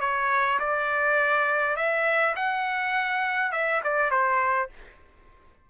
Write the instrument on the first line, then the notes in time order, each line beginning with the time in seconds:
trumpet
0.00 C#5
0.59 D5
1.76 E5
2.36 F#5
3.52 E5
3.83 D5
4.10 C5